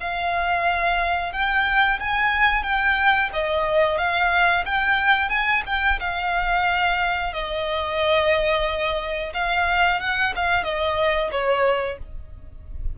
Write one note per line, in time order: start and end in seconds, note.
0.00 1.32 F5
1.32 1.99 G5
1.99 2.63 G#5
2.63 3.29 G5
3.33 3.97 D#5
3.97 4.64 F5
4.65 5.29 G5
5.29 5.62 G#5
5.66 5.99 G5
5.99 7.33 F5
7.33 9.33 D#5
9.34 10.00 F5
10.00 10.33 F#5
10.35 10.64 F5
10.64 11.30 D#5
11.31 11.98 C#5